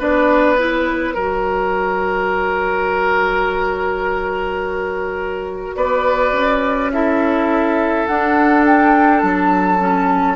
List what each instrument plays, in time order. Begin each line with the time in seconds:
0.00 bassoon B3, clarinet D4, oboe B4, flute D5
0.58 clarinet E4, flute C#5
1.15 bassoon F#3, clarinet F#4, oboe A#4
5.76 bassoon B3, oboe B4, flute D5
6.32 bassoon C#4
6.93 clarinet E4, oboe A4, flute E5
8.07 clarinet D4, bassoon D4, flute F#5
8.66 flute G5
9.22 bassoon F#3, flute A5
9.80 clarinet C#4